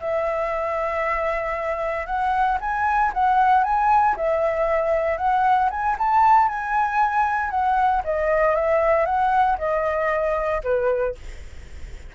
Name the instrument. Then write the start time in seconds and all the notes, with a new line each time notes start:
flute
0.00 E5
2.06 F#5
2.60 G#5
3.14 F#5
3.64 G#5
4.16 E5
5.18 F#5
5.71 G#5
5.99 A5
6.48 G#5
7.51 F#5
8.05 D#5
8.55 E5
9.06 F#5
9.58 D#5
10.64 B4